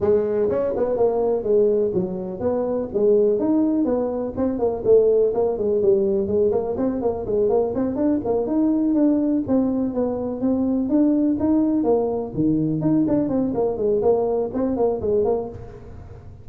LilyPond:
\new Staff \with { instrumentName = "tuba" } { \time 4/4 \tempo 4 = 124 gis4 cis'8 b8 ais4 gis4 | fis4 b4 gis4 dis'4 | b4 c'8 ais8 a4 ais8 gis8 | g4 gis8 ais8 c'8 ais8 gis8 ais8 |
c'8 d'8 ais8 dis'4 d'4 c'8~ | c'8 b4 c'4 d'4 dis'8~ | dis'8 ais4 dis4 dis'8 d'8 c'8 | ais8 gis8 ais4 c'8 ais8 gis8 ais8 | }